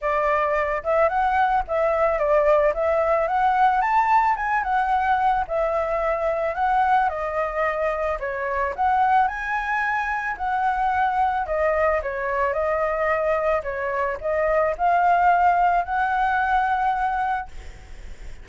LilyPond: \new Staff \with { instrumentName = "flute" } { \time 4/4 \tempo 4 = 110 d''4. e''8 fis''4 e''4 | d''4 e''4 fis''4 a''4 | gis''8 fis''4. e''2 | fis''4 dis''2 cis''4 |
fis''4 gis''2 fis''4~ | fis''4 dis''4 cis''4 dis''4~ | dis''4 cis''4 dis''4 f''4~ | f''4 fis''2. | }